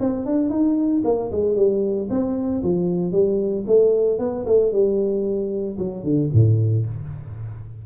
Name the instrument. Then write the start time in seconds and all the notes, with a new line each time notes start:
tuba
0.00 C4
0.26 D4
0.50 D#4
1.05 A#3
1.32 G#3
1.56 G3
2.10 C4
2.63 F3
3.12 G3
3.67 A3
4.19 B3
4.46 A3
4.72 G3
5.79 F#3
6.04 D3
6.33 A2